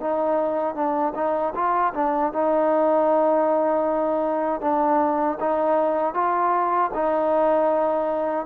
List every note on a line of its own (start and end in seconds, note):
0.00 0.75 D#4
0.75 1.13 D4
1.15 1.53 D#4
1.55 1.93 F4
1.94 2.33 D4
2.33 4.61 D#4
4.61 5.38 D4
5.40 6.14 D#4
6.14 6.91 F4
6.94 8.46 D#4